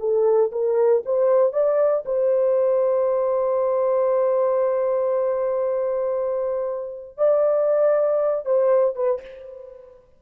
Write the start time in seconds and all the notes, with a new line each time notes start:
0.00 A4
0.52 A#4
1.06 C5
1.53 D5
2.06 C5
7.18 D5
8.46 C5
8.96 B4